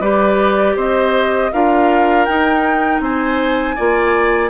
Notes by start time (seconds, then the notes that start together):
0.00 G3 G4 B4 D5
0.76 C4 C5 D#5
1.52 D4 F4 A#4 F5
2.25 D#4 G5
3.00 C4 C5 G#5
3.75 A#3 F4 D5